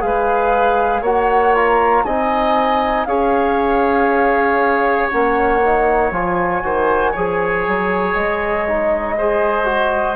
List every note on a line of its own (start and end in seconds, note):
0.00 1.01 G#3
0.00 1.02 G#4
0.00 1.01 B4
0.00 1.03 F5
1.01 2.02 A#3
1.01 1.54 F#4
1.01 2.03 C#5
1.01 1.54 F#5
1.54 2.05 F4
1.54 2.03 A#5
2.03 3.06 C4
2.03 3.08 D#4
2.03 3.07 D#5
2.03 3.05 G#5
3.05 5.09 C#4
3.05 5.11 G#4
3.05 6.63 C#5
3.05 5.08 F5
5.09 6.10 A#3
5.09 5.61 C#4
5.09 6.11 F#5
5.62 6.12 D#4
6.10 6.61 F3
6.10 6.63 F4
6.10 8.14 G#5
6.63 7.14 D#3
6.63 7.14 F#4
6.63 7.11 C5
7.11 7.67 F3
7.11 8.68 G#4
7.11 9.15 C#5
7.67 8.14 F#3
8.14 10.16 G#3
8.14 10.16 D#5
8.68 9.18 D#4
9.17 9.64 G#4
9.17 10.16 C5
9.64 10.15 F#4